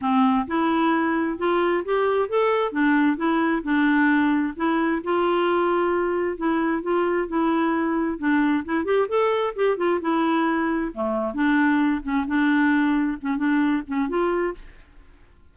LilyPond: \new Staff \with { instrumentName = "clarinet" } { \time 4/4 \tempo 4 = 132 c'4 e'2 f'4 | g'4 a'4 d'4 e'4 | d'2 e'4 f'4~ | f'2 e'4 f'4 |
e'2 d'4 e'8 g'8 | a'4 g'8 f'8 e'2 | a4 d'4. cis'8 d'4~ | d'4 cis'8 d'4 cis'8 f'4 | }